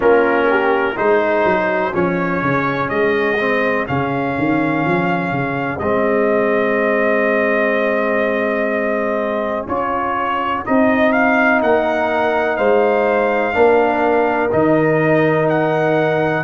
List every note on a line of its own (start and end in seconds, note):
0.00 0.97 A#3
0.00 0.95 C#4
0.00 0.47 F4
0.00 0.97 A#4
0.50 0.97 G4
0.96 1.45 G#3
0.96 1.92 D#4
0.96 11.61 G#4
0.96 1.94 C5
1.45 1.93 F#3
1.92 2.42 F3
1.92 3.37 C#4
1.92 2.89 C#5
2.42 2.90 C#3
2.89 3.86 G#3
2.89 3.86 D#5
3.38 3.86 C4
3.86 4.37 C#3
3.86 5.80 C#4
3.86 5.78 F5
4.38 4.85 D#3
4.85 5.31 F3
5.31 5.79 C#3
5.78 9.66 G#3
5.78 9.68 C4
5.78 9.66 D#5
9.67 10.64 C#4
9.67 10.65 F4
9.67 10.64 C#5
10.65 11.61 C4
10.65 13.52 D#4
10.65 11.12 D#5
11.12 11.60 F5
11.61 12.58 A#3
11.61 12.57 A#4
11.61 12.56 F#5
12.56 13.54 G#3
12.56 13.54 C5
12.56 14.50 F5
13.52 14.51 A#3
13.52 14.49 D4
13.52 16.44 A#4
14.51 16.44 D#3
14.51 16.44 D#4
14.51 15.48 D#5
15.49 16.44 F#5